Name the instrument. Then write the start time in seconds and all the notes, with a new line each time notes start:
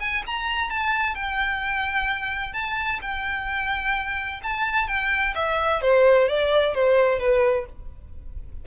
violin
0.00 G#5
0.26 A#5
0.70 A5
1.15 G5
2.53 A5
3.01 G5
4.43 A5
4.88 G5
5.35 E5
5.82 C5
6.29 D5
6.74 C5
7.19 B4